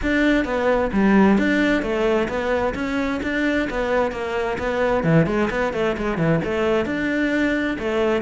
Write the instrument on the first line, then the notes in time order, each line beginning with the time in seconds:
cello
0.02 D4
0.45 B3
0.92 G3
1.38 D4
1.82 A3
2.28 B3
2.74 C#4
3.22 D4
3.70 B3
4.11 A#3
4.58 B3
5.03 E3
5.26 G#3
5.50 B3
5.73 A3
5.97 G#3
6.17 E3
6.44 A3
6.85 D4
7.78 A3